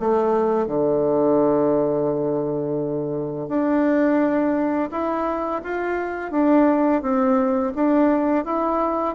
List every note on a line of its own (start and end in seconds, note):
0.00 0.67 A3
0.67 3.48 D3
3.48 4.89 D4
4.91 5.62 E4
5.63 6.31 F4
6.31 7.02 D4
7.02 7.73 C4
7.76 8.45 D4
8.45 9.15 E4